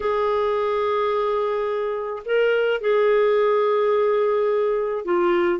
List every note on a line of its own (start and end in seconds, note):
0.00 2.22 G#4
2.25 2.80 A#4
2.80 5.04 G#4
5.04 5.59 F4